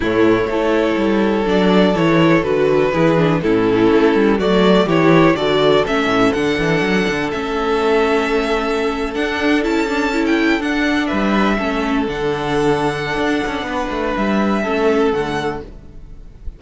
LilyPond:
<<
  \new Staff \with { instrumentName = "violin" } { \time 4/4 \tempo 4 = 123 cis''2. d''4 | cis''4 b'2 a'4~ | a'4 d''4 cis''4 d''4 | e''4 fis''2 e''4~ |
e''2~ e''8. fis''4 a''16~ | a''4 g''8. fis''4 e''4~ e''16~ | e''8. fis''2.~ fis''16~ | fis''4 e''2 fis''4 | }
  \new Staff \with { instrumentName = "violin" } { \time 4/4 e'4 a'2.~ | a'2 gis'4 e'4~ | e'4 fis'4 g'4 a'4~ | a'1~ |
a'1~ | a'2~ a'8. b'4 a'16~ | a'1 | b'2 a'2 | }
  \new Staff \with { instrumentName = "viola" } { \time 4/4 a4 e'2 d'4 | e'4 fis'4 e'8 d'8 cis'4~ | cis'4 a4 e'4 fis'4 | cis'4 d'2 cis'4~ |
cis'2~ cis'8. d'4 e'16~ | e'16 d'8 e'4 d'2 cis'16~ | cis'8. d'2.~ d'16~ | d'2 cis'4 a4 | }
  \new Staff \with { instrumentName = "cello" } { \time 4/4 a,4 a4 g4 fis4 | e4 d4 e4 a,4 | a8 g8 fis4 e4 d4 | a8 a,8 d8 e8 fis8 d8 a4~ |
a2~ a8. d'4 cis'16~ | cis'4.~ cis'16 d'4 g4 a16~ | a8. d2~ d16 d'8 cis'8 | b8 a8 g4 a4 d4 | }
>>